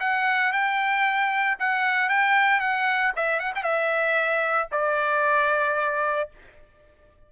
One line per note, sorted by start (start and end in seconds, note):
0.00 0.52 F#5
0.52 1.58 G5
1.59 2.09 F#5
2.09 2.60 G5
2.60 3.12 F#5
3.16 3.40 E5
3.40 3.53 F#5
3.55 3.63 G5
3.63 4.69 E5
4.72 6.30 D5